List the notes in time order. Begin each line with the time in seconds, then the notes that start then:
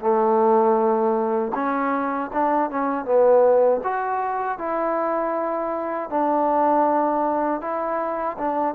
0.00 A3
1.54 C#4
2.33 D4
2.70 C#4
3.05 B3
3.84 F#4
4.58 E4
6.09 D4
7.61 E4
8.38 D4